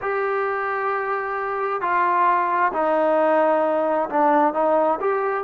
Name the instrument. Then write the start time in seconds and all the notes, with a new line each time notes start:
trombone
0.01 G4
1.81 F4
2.73 D#4
4.09 D4
4.53 D#4
5.00 G4